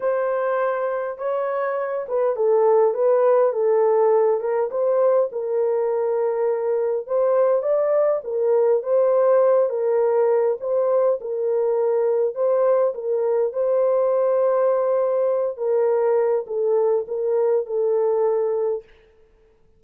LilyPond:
\new Staff \with { instrumentName = "horn" } { \time 4/4 \tempo 4 = 102 c''2 cis''4. b'8 | a'4 b'4 a'4. ais'8 | c''4 ais'2. | c''4 d''4 ais'4 c''4~ |
c''8 ais'4. c''4 ais'4~ | ais'4 c''4 ais'4 c''4~ | c''2~ c''8 ais'4. | a'4 ais'4 a'2 | }